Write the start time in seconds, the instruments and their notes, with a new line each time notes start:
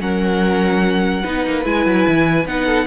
0.00 cello F#3, viola C#4, violin A#4 F#5
1.23 cello B3, viola D#4, violin B4
1.46 cello A#3
1.64 cello G#3, viola E4, violin G#5
1.85 cello F#3
2.08 cello E3
2.46 cello B3, viola D#4, violin F#5
2.66 violin A4